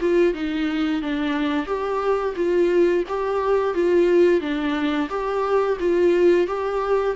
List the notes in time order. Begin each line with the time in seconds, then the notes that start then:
0.00 F4
0.33 D#4
1.01 D4
1.65 G4
2.35 F4
3.08 G4
3.73 F4
4.40 D4
5.09 G4
5.80 F4
6.46 G4